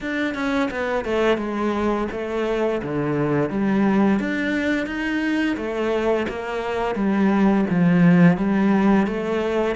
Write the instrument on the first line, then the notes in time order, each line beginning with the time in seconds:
cello
0.00 D4
0.34 C#4
0.70 B3
1.05 A3
1.37 G#3
2.11 A3
2.82 D3
3.49 G3
4.19 D4
4.86 D#4
5.56 A3
6.29 A#3
6.95 G3
7.70 F3
8.37 G3
9.06 A3